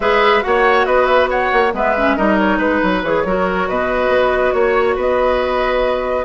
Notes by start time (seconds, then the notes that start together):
0.00 G#3 G#4 B4 E5
0.41 A#3 F#4 C#5 F#5
0.85 B3 B4 D#5
1.06 E5
1.29 C#5 F#5
1.52 A#3
1.73 G#3 B3 B4 E5
1.97 C#4
2.16 G3 D#4 A#4 D#5
2.38 C#5
2.58 G#3 B4
2.82 F#3
3.03 E3 G#4 C#5
3.25 F#3 F#4 A#4
3.68 B2 B4 D#5
4.09 B3
4.52 A#3 C#5
4.95 B3 B4 D#5